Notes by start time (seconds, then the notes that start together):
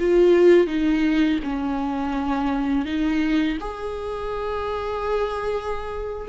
0.00 F4
0.67 D#4
1.44 C#4
2.86 D#4
3.60 G#4